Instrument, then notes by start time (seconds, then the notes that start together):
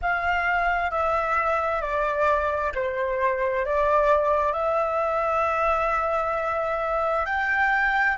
flute
0.01 F5
0.90 E5
1.81 D5
2.74 C5
3.65 D5
4.52 E5
7.25 G5